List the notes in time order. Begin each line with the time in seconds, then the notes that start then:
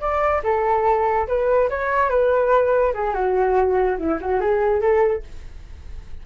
0.00 D5
0.43 A4
1.27 B4
1.69 C#5
2.09 B4
2.93 G#4
3.14 F#4
3.98 E4
4.21 F#4
4.40 G#4
4.81 A4